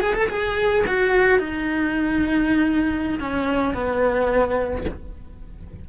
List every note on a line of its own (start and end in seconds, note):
0.00 0.14 G#4
0.14 0.28 A4
0.28 0.84 G#4
0.86 1.38 F#4
1.38 3.19 D#4
3.19 3.74 C#4
3.74 4.85 B3